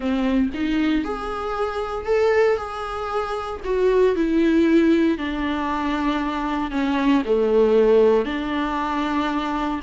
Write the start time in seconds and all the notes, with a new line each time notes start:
0.00 C4
0.54 D#4
1.04 G#4
2.05 A4
2.57 G#4
3.64 F#4
4.15 E4
5.17 D4
6.70 C#4
7.25 A3
8.25 D4